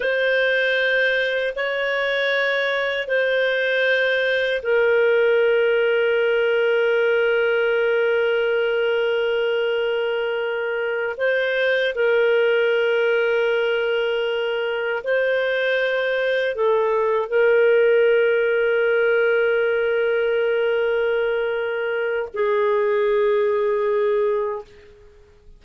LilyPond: \new Staff \with { instrumentName = "clarinet" } { \time 4/4 \tempo 4 = 78 c''2 cis''2 | c''2 ais'2~ | ais'1~ | ais'2~ ais'8 c''4 ais'8~ |
ais'2.~ ais'8 c''8~ | c''4. a'4 ais'4.~ | ais'1~ | ais'4 gis'2. | }